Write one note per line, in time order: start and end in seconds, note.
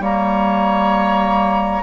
0.00 1.82 G3
0.00 1.83 A#3
0.00 1.83 C#5
0.00 1.83 A#5